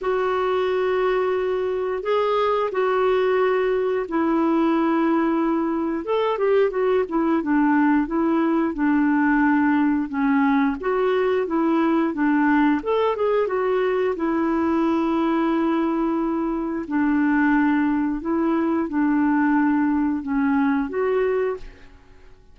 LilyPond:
\new Staff \with { instrumentName = "clarinet" } { \time 4/4 \tempo 4 = 89 fis'2. gis'4 | fis'2 e'2~ | e'4 a'8 g'8 fis'8 e'8 d'4 | e'4 d'2 cis'4 |
fis'4 e'4 d'4 a'8 gis'8 | fis'4 e'2.~ | e'4 d'2 e'4 | d'2 cis'4 fis'4 | }